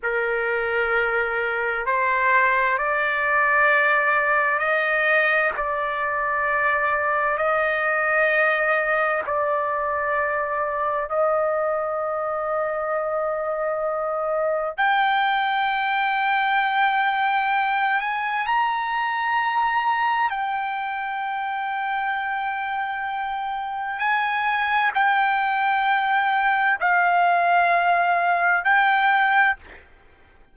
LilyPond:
\new Staff \with { instrumentName = "trumpet" } { \time 4/4 \tempo 4 = 65 ais'2 c''4 d''4~ | d''4 dis''4 d''2 | dis''2 d''2 | dis''1 |
g''2.~ g''8 gis''8 | ais''2 g''2~ | g''2 gis''4 g''4~ | g''4 f''2 g''4 | }